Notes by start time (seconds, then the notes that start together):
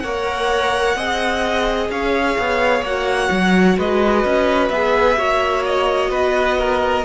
0.00 A#3 A#4 C#5 F#5
0.96 C4 G#4 D#5
1.90 C#4 C#5 F5
2.39 B3
2.82 A#3 F#4 F#5
3.31 F#3
3.78 G#3 B4 D#5
4.25 C#4
4.69 B3 G#4 E5
5.17 A#3 F#4 C#5
5.66 D#5
6.11 B3 B4
6.59 A#4